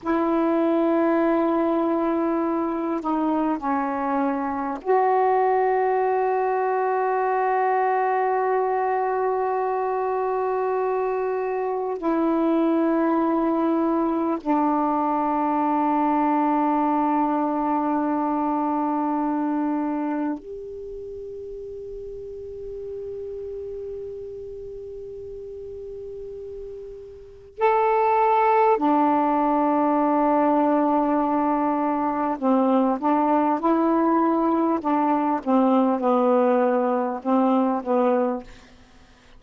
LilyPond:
\new Staff \with { instrumentName = "saxophone" } { \time 4/4 \tempo 4 = 50 e'2~ e'8 dis'8 cis'4 | fis'1~ | fis'2 e'2 | d'1~ |
d'4 g'2.~ | g'2. a'4 | d'2. c'8 d'8 | e'4 d'8 c'8 b4 c'8 b8 | }